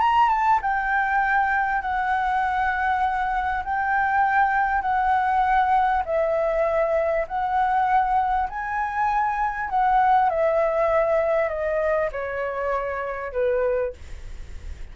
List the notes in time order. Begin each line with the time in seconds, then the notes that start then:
0.00 A#5
0.29 A5
0.62 G5
1.82 F#5
3.64 G5
4.82 F#5
6.05 E5
7.28 F#5
8.49 G#5
9.69 F#5
10.29 E5
11.49 D#5
12.12 C#5
13.32 B4